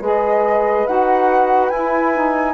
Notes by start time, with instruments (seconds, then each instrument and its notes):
0.00 bassoon G#3, saxophone G#4, horn B4, flute D#5
0.86 bassoon D#4, saxophone F#4, flute F#5
1.69 bassoon E4, saxophone E4, flute G#5
2.14 saxophone D#4